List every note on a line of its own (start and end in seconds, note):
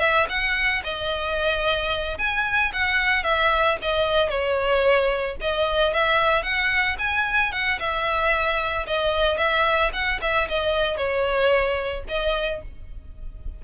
0.00 0.27 E5
0.29 0.83 F#5
0.84 2.18 D#5
2.18 2.72 G#5
2.73 3.24 F#5
3.24 3.77 E5
3.82 4.29 D#5
4.29 5.36 C#5
5.41 5.94 D#5
5.94 6.43 E5
6.43 6.97 F#5
6.99 7.52 G#5
7.52 7.79 F#5
7.79 8.87 E5
8.87 9.37 D#5
9.37 9.91 E5
9.93 10.20 F#5
10.22 10.48 E5
10.49 10.97 D#5
10.97 12.04 C#5
12.09 12.62 D#5